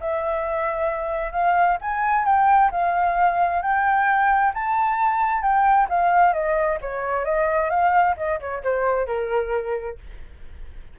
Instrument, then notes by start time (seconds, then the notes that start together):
flute
0.00 E5
1.32 F5
1.81 G#5
2.25 G5
2.71 F5
3.62 G5
4.54 A5
5.42 G5
5.89 F5
6.33 D#5
6.81 C#5
7.25 D#5
7.70 F5
8.17 D#5
8.40 C#5
8.63 C5
9.07 A#4